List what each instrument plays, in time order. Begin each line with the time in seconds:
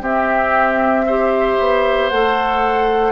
0.00 bassoon C4, clarinet C4, oboe G4, flute E5
1.06 clarinet G4, oboe C5
1.59 bassoon B3
2.09 bassoon A3, clarinet A4, flute F#5